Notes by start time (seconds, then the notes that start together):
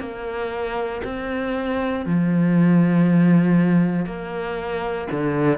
0.00 A#3
1.04 C4
2.06 F3
4.06 A#3
5.12 D3